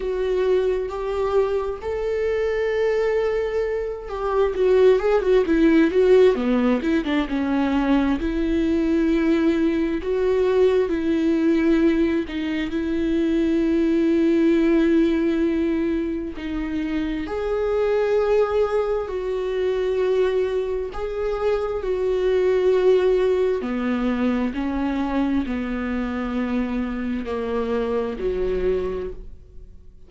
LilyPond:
\new Staff \with { instrumentName = "viola" } { \time 4/4 \tempo 4 = 66 fis'4 g'4 a'2~ | a'8 g'8 fis'8 gis'16 fis'16 e'8 fis'8 b8 e'16 d'16 | cis'4 e'2 fis'4 | e'4. dis'8 e'2~ |
e'2 dis'4 gis'4~ | gis'4 fis'2 gis'4 | fis'2 b4 cis'4 | b2 ais4 fis4 | }